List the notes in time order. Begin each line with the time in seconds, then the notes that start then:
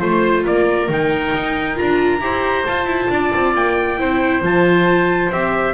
0.00 A3 F4 C5
0.44 A#3 A#4 D5
0.89 D#3 D#4 G5
1.34 D#4
1.75 D4 F4 A#5
2.20 E4 G4 C5
2.66 F4 A5
2.86 E4
3.10 D4 D5
3.35 C4
3.55 A#3 G5
3.98 C4 E4 C5
4.42 F3 F4 A5
5.32 C4 G4 E5